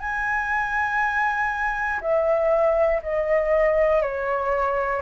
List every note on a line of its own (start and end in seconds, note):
0.00 2.00 G#5
2.01 3.01 E5
3.03 4.02 D#5
4.02 5.02 C#5